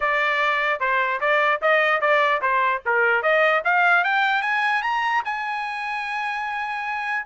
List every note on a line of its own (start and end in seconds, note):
0.00 0.80 D5
0.80 1.20 C5
1.20 1.60 D5
1.61 2.00 D#5
2.00 2.41 D5
2.41 2.82 C5
2.85 3.22 A#4
3.22 3.62 D#5
3.64 4.03 F5
4.03 4.42 G5
4.42 4.82 G#5
4.82 5.22 A#5
5.25 7.26 G#5